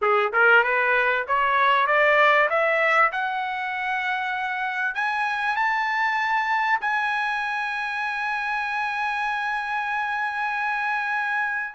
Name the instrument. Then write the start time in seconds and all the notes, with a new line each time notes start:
trumpet
0.01 G#4
0.32 A#4
0.63 B4
1.27 C#5
1.86 D5
2.49 E5
3.12 F#5
4.95 G#5
5.56 A5
6.80 G#5